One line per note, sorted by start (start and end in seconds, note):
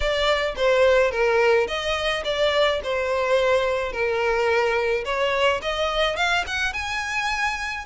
0.00 0.54 D5
0.56 1.11 C5
1.11 1.67 A#4
1.67 2.23 D#5
2.24 2.80 D5
2.83 3.92 C5
3.92 5.04 A#4
5.04 5.60 C#5
5.62 6.16 D#5
6.16 6.44 F5
6.46 6.73 F#5
6.73 7.85 G#5